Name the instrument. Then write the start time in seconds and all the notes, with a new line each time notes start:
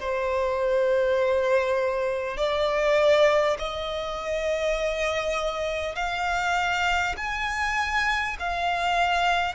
violin
0.00 C5
2.37 D5
3.58 D#5
5.95 F5
7.17 G#5
8.39 F5